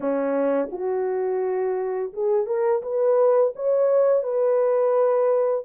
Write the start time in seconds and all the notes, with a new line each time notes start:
0.00 C#4
0.71 F#4
2.13 G#4
2.46 A#4
2.82 B4
3.55 C#5
4.23 B4